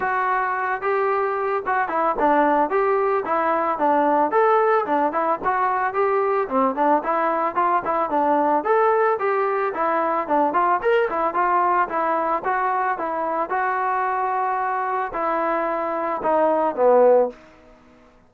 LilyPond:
\new Staff \with { instrumentName = "trombone" } { \time 4/4 \tempo 4 = 111 fis'4. g'4. fis'8 e'8 | d'4 g'4 e'4 d'4 | a'4 d'8 e'8 fis'4 g'4 | c'8 d'8 e'4 f'8 e'8 d'4 |
a'4 g'4 e'4 d'8 f'8 | ais'8 e'8 f'4 e'4 fis'4 | e'4 fis'2. | e'2 dis'4 b4 | }